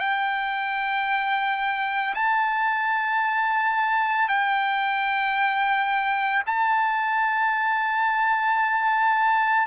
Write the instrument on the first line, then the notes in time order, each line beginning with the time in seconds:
trumpet
0.00 G5
2.15 A5
4.29 G5
6.47 A5